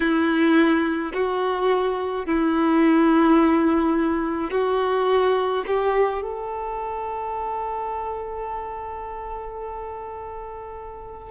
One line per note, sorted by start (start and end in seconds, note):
0.00 1.12 E4
1.13 2.26 F#4
2.26 4.50 E4
4.50 5.63 F#4
5.66 6.22 G4
6.22 11.30 A4